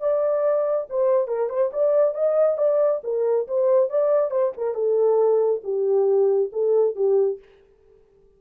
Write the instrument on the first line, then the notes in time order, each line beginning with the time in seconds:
horn
0.00 D5
0.89 C5
1.28 A#4
1.49 C5
1.73 D5
2.14 D#5
2.58 D5
3.04 A#4
3.47 C5
3.89 D5
4.30 C5
4.57 A#4
4.74 A4
5.63 G4
6.52 A4
6.95 G4